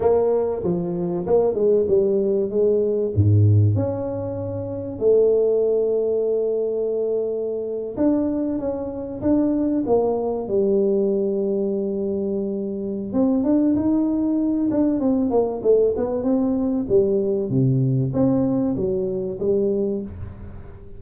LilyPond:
\new Staff \with { instrumentName = "tuba" } { \time 4/4 \tempo 4 = 96 ais4 f4 ais8 gis8 g4 | gis4 gis,4 cis'2 | a1~ | a8. d'4 cis'4 d'4 ais16~ |
ais8. g2.~ g16~ | g4 c'8 d'8 dis'4. d'8 | c'8 ais8 a8 b8 c'4 g4 | c4 c'4 fis4 g4 | }